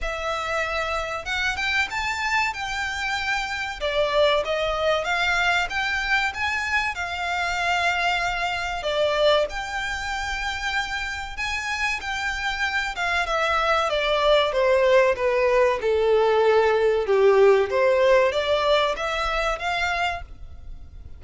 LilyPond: \new Staff \with { instrumentName = "violin" } { \time 4/4 \tempo 4 = 95 e''2 fis''8 g''8 a''4 | g''2 d''4 dis''4 | f''4 g''4 gis''4 f''4~ | f''2 d''4 g''4~ |
g''2 gis''4 g''4~ | g''8 f''8 e''4 d''4 c''4 | b'4 a'2 g'4 | c''4 d''4 e''4 f''4 | }